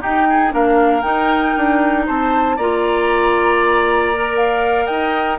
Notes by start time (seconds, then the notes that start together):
0.00 D#4 G4 G5
0.30 G#4
0.51 A#3 D4 A#4 F5
1.02 D#4 G5
1.57 D4
2.06 C4 C5 A5
2.57 A#3 F4 D5 A#5
4.15 A#4
4.37 F5
4.86 D#4 D#5 G5